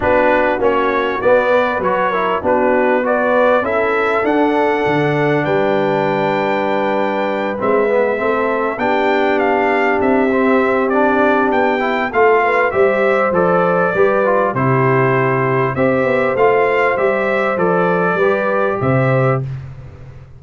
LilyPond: <<
  \new Staff \with { instrumentName = "trumpet" } { \time 4/4 \tempo 4 = 99 b'4 cis''4 d''4 cis''4 | b'4 d''4 e''4 fis''4~ | fis''4 g''2.~ | g''8 e''2 g''4 f''8~ |
f''8 e''4. d''4 g''4 | f''4 e''4 d''2 | c''2 e''4 f''4 | e''4 d''2 e''4 | }
  \new Staff \with { instrumentName = "horn" } { \time 4/4 fis'2~ fis'8 b'4 ais'8 | fis'4 b'4 a'2~ | a'4 b'2.~ | b'4. a'4 g'4.~ |
g'1 | a'8 b'8 c''2 b'4 | g'2 c''2~ | c''2 b'4 c''4 | }
  \new Staff \with { instrumentName = "trombone" } { \time 4/4 d'4 cis'4 b4 fis'8 e'8 | d'4 fis'4 e'4 d'4~ | d'1~ | d'8 c'8 b8 c'4 d'4.~ |
d'4 c'4 d'4. e'8 | f'4 g'4 a'4 g'8 f'8 | e'2 g'4 f'4 | g'4 a'4 g'2 | }
  \new Staff \with { instrumentName = "tuba" } { \time 4/4 b4 ais4 b4 fis4 | b2 cis'4 d'4 | d4 g2.~ | g8 gis4 a4 b4.~ |
b8 c'2~ c'8 b4 | a4 g4 f4 g4 | c2 c'8 b8 a4 | g4 f4 g4 c4 | }
>>